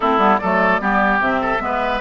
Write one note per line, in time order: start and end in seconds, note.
0.00 0.17 A3
0.00 0.18 C4
0.00 0.40 E4
0.00 0.37 A4
0.17 0.37 G3
0.17 0.39 B3
0.37 0.80 F#3
0.37 0.80 A3
0.37 0.81 A4
0.37 1.18 D5
0.80 1.20 G3
0.80 1.21 B3
0.80 1.41 G4
1.20 1.60 C3
1.20 1.60 C4
1.20 2.00 E5
1.41 1.61 A4
1.60 2.00 G#3
1.60 2.00 B3
1.60 2.00 B4